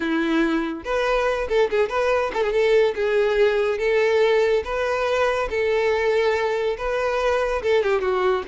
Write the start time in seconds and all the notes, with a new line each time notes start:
0.00 E4
0.84 B4
1.48 A4
1.70 G#4
1.89 B4
2.33 A4
2.42 G#4
2.52 A4
2.95 G#4
3.78 A4
4.64 B4
5.49 A4
6.77 B4
7.62 A4
7.83 G4
8.01 F#4